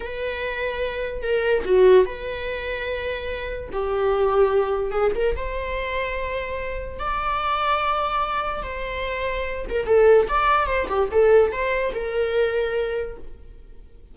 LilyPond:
\new Staff \with { instrumentName = "viola" } { \time 4/4 \tempo 4 = 146 b'2. ais'4 | fis'4 b'2.~ | b'4 g'2. | gis'8 ais'8 c''2.~ |
c''4 d''2.~ | d''4 c''2~ c''8 ais'8 | a'4 d''4 c''8 g'8 a'4 | c''4 ais'2. | }